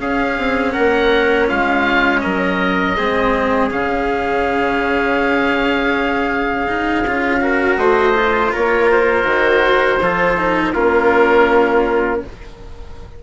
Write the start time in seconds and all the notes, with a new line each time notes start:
0.00 C#4 G#4 F5
0.38 C4
0.73 A#3 A#4 F#5
1.48 G#3 F4 F5
2.21 F#3 A#4 D#5
2.97 G#3 C4 G#4
3.71 C#3 C#4 F5
6.67 D#4
7.06 C#4 F4
7.41 F#4 A#4
7.77 A3 C5 D#5
8.14 F4
8.53 A#3 A#4 C#5
8.91 C5
9.24 D#3 F#4
10.00 F3 F4 A4
10.37 D#4
10.74 A#3 C#4 F4 A#4